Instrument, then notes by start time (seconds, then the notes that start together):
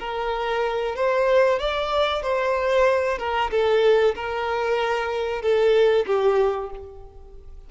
violin
0.00 A#4
0.96 C5
1.60 D5
2.23 C5
3.19 A#4
3.51 A4
4.15 A#4
5.42 A4
6.07 G4